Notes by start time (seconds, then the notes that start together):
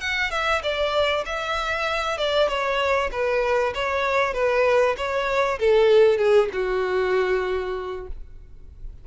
0.00 F#5
0.31 E5
0.62 D5
1.25 E5
2.17 D5
2.48 C#5
3.11 B4
3.74 C#5
4.34 B4
4.97 C#5
5.59 A4
6.18 G#4
6.53 F#4